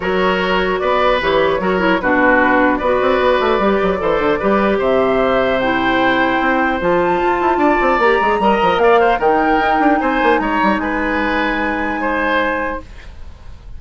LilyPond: <<
  \new Staff \with { instrumentName = "flute" } { \time 4/4 \tempo 4 = 150 cis''2 d''4 cis''4~ | cis''4 b'2 d''4~ | d''1 | e''2 g''2~ |
g''4 a''2. | ais''2 f''4 g''4~ | g''4 gis''4 ais''4 gis''4~ | gis''1 | }
  \new Staff \with { instrumentName = "oboe" } { \time 4/4 ais'2 b'2 | ais'4 fis'2 b'4~ | b'2 c''4 b'4 | c''1~ |
c''2. d''4~ | d''4 dis''4 d''8 c''8 ais'4~ | ais'4 c''4 cis''4 b'4~ | b'2 c''2 | }
  \new Staff \with { instrumentName = "clarinet" } { \time 4/4 fis'2. g'4 | fis'8 e'8 d'2 fis'4~ | fis'4 g'4 a'4 g'4~ | g'2 e'2~ |
e'4 f'2. | g'8 gis'8 ais'2 dis'4~ | dis'1~ | dis'1 | }
  \new Staff \with { instrumentName = "bassoon" } { \time 4/4 fis2 b4 e4 | fis4 b,2 b8 c'8 | b8 a8 g8 fis8 e8 d8 g4 | c1 |
c'4 f4 f'8 e'8 d'8 c'8 | ais8 gis8 g8 f8 ais4 dis4 | dis'8 d'8 c'8 ais8 gis8 g8 gis4~ | gis1 | }
>>